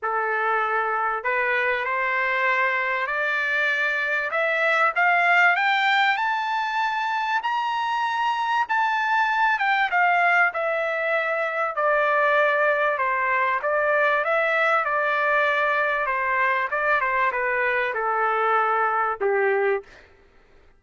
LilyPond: \new Staff \with { instrumentName = "trumpet" } { \time 4/4 \tempo 4 = 97 a'2 b'4 c''4~ | c''4 d''2 e''4 | f''4 g''4 a''2 | ais''2 a''4. g''8 |
f''4 e''2 d''4~ | d''4 c''4 d''4 e''4 | d''2 c''4 d''8 c''8 | b'4 a'2 g'4 | }